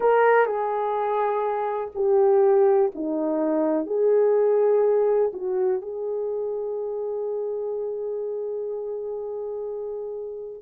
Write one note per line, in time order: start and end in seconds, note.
0.00 0.46 A#4
0.46 1.91 G#4
1.94 2.91 G4
2.94 3.86 D#4
3.86 5.31 G#4
5.33 5.81 F#4
5.81 10.61 G#4